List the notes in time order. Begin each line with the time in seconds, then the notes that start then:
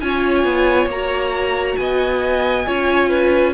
0.00 C#4 F4 C#5 G#5
0.44 B3
0.86 A#3 F#4 A#5
1.76 B3 D#5 G#5
2.66 C#4 F4 C#5
3.09 B4